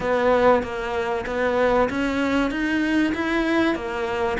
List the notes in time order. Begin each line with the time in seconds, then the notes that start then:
0.00 B3
0.62 A#3
1.26 B3
1.89 C#4
2.50 D#4
3.14 E4
3.75 A#3